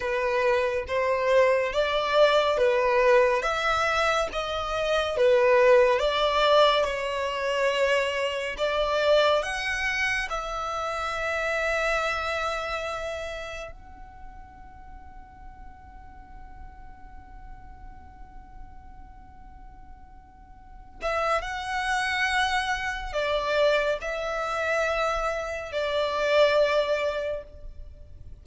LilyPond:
\new Staff \with { instrumentName = "violin" } { \time 4/4 \tempo 4 = 70 b'4 c''4 d''4 b'4 | e''4 dis''4 b'4 d''4 | cis''2 d''4 fis''4 | e''1 |
fis''1~ | fis''1~ | fis''8 e''8 fis''2 d''4 | e''2 d''2 | }